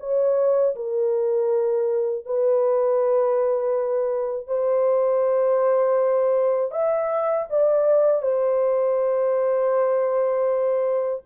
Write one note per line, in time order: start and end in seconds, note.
0.00 0.75 C#5
0.76 2.26 A#4
2.26 4.47 B4
4.47 6.72 C5
6.72 7.47 E5
7.50 8.22 D5
8.22 11.22 C5